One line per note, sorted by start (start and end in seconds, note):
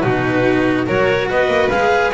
0.00 0.87 B2
0.00 0.86 D#4
0.00 0.86 F#4
0.00 0.84 B4
0.86 1.30 F#3
0.86 1.70 F#4
0.86 1.28 A#4
0.86 1.30 C#5
1.30 1.47 B3
1.30 2.13 B4
1.30 1.69 D#5
1.47 1.68 A#3
1.69 2.12 G#3
1.69 2.13 G#4
1.69 2.11 F5